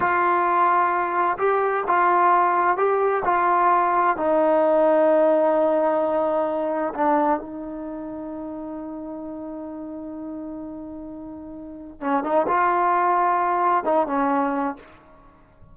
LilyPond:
\new Staff \with { instrumentName = "trombone" } { \time 4/4 \tempo 4 = 130 f'2. g'4 | f'2 g'4 f'4~ | f'4 dis'2.~ | dis'2. d'4 |
dis'1~ | dis'1~ | dis'2 cis'8 dis'8 f'4~ | f'2 dis'8 cis'4. | }